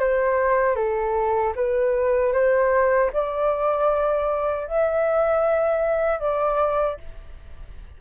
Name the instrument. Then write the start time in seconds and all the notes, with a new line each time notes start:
flute
0.00 C5
0.76 A4
1.56 B4
2.33 C5
3.13 D5
4.68 E5
6.20 D5